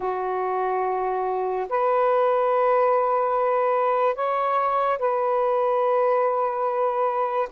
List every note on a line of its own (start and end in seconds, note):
0.00 1.67 F#4
1.69 4.15 B4
4.15 4.98 C#5
4.98 7.48 B4